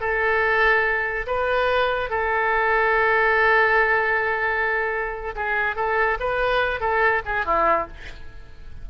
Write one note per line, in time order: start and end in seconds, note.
0.00 1.26 A4
1.26 2.09 B4
2.09 5.34 A4
5.35 5.76 G#4
5.76 6.18 A4
6.19 6.80 B4
6.80 7.21 A4
7.25 7.45 G#4
7.45 7.87 E4